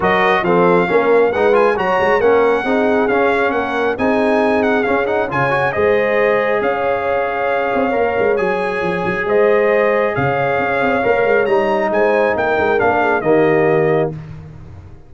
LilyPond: <<
  \new Staff \with { instrumentName = "trumpet" } { \time 4/4 \tempo 4 = 136 dis''4 f''2 fis''8 gis''8 | ais''4 fis''2 f''4 | fis''4 gis''4. fis''8 f''8 fis''8 | gis''4 dis''2 f''4~ |
f''2. gis''4~ | gis''4 dis''2 f''4~ | f''2 ais''4 gis''4 | g''4 f''4 dis''2 | }
  \new Staff \with { instrumentName = "horn" } { \time 4/4 ais'4 a'4 ais'4 b'4 | cis''4 ais'4 gis'2 | ais'4 gis'2. | cis''4 c''2 cis''4~ |
cis''1~ | cis''4 c''2 cis''4~ | cis''2. c''4 | ais'4. gis'8 g'2 | }
  \new Staff \with { instrumentName = "trombone" } { \time 4/4 fis'4 c'4 cis'4 dis'8 f'8 | fis'4 cis'4 dis'4 cis'4~ | cis'4 dis'2 cis'8 dis'8 | f'8 fis'8 gis'2.~ |
gis'2 ais'4 gis'4~ | gis'1~ | gis'4 ais'4 dis'2~ | dis'4 d'4 ais2 | }
  \new Staff \with { instrumentName = "tuba" } { \time 4/4 fis4 f4 ais4 gis4 | fis8 gis8 ais4 c'4 cis'4 | ais4 c'2 cis'4 | cis4 gis2 cis'4~ |
cis'4. c'8 ais8 gis8 fis4 | f8 fis8 gis2 cis4 | cis'8 c'8 ais8 gis8 g4 gis4 | ais8 gis8 ais4 dis2 | }
>>